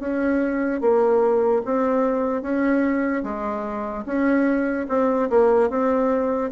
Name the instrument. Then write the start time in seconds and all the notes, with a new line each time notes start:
bassoon
0.00 C#4
0.81 A#3
1.65 C4
2.42 C#4
3.24 G#3
4.06 C#4
4.89 C4
5.30 A#3
5.70 C4